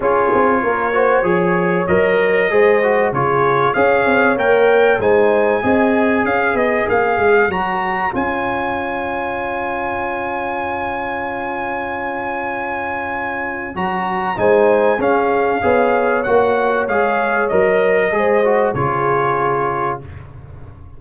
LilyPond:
<<
  \new Staff \with { instrumentName = "trumpet" } { \time 4/4 \tempo 4 = 96 cis''2. dis''4~ | dis''4 cis''4 f''4 g''4 | gis''2 f''8 dis''8 f''4 | ais''4 gis''2.~ |
gis''1~ | gis''2 ais''4 gis''4 | f''2 fis''4 f''4 | dis''2 cis''2 | }
  \new Staff \with { instrumentName = "horn" } { \time 4/4 gis'4 ais'8 c''8 cis''2 | c''4 gis'4 cis''2 | c''4 dis''4 cis''2~ | cis''1~ |
cis''1~ | cis''2. c''4 | gis'4 cis''2.~ | cis''4 c''4 gis'2 | }
  \new Staff \with { instrumentName = "trombone" } { \time 4/4 f'4. fis'8 gis'4 ais'4 | gis'8 fis'8 f'4 gis'4 ais'4 | dis'4 gis'2. | fis'4 f'2.~ |
f'1~ | f'2 fis'4 dis'4 | cis'4 gis'4 fis'4 gis'4 | ais'4 gis'8 fis'8 f'2 | }
  \new Staff \with { instrumentName = "tuba" } { \time 4/4 cis'8 c'8 ais4 f4 fis4 | gis4 cis4 cis'8 c'8 ais4 | gis4 c'4 cis'8 b8 ais8 gis8 | fis4 cis'2.~ |
cis'1~ | cis'2 fis4 gis4 | cis'4 b4 ais4 gis4 | fis4 gis4 cis2 | }
>>